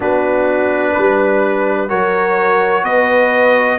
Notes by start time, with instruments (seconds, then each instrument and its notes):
0.00 tuba B3, trombone D4, horn F#4, trumpet B4
0.92 tuba G3, horn B4
1.88 tuba F#3, trombone F#4, horn A#4, trumpet C#5
2.83 tuba B3, horn B4, trumpet D#5